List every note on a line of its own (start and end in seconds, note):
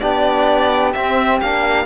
0.00 0.95 B3
0.00 0.95 D4
0.00 1.86 G4
0.00 0.92 D5
0.93 1.41 C4
0.93 1.42 C4
0.93 1.39 E5
1.41 1.86 A#3
1.41 1.86 D4
1.41 1.86 F5